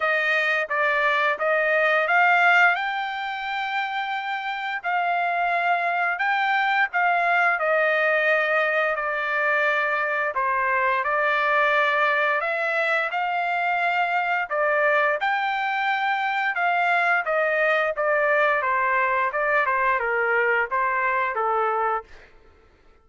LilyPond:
\new Staff \with { instrumentName = "trumpet" } { \time 4/4 \tempo 4 = 87 dis''4 d''4 dis''4 f''4 | g''2. f''4~ | f''4 g''4 f''4 dis''4~ | dis''4 d''2 c''4 |
d''2 e''4 f''4~ | f''4 d''4 g''2 | f''4 dis''4 d''4 c''4 | d''8 c''8 ais'4 c''4 a'4 | }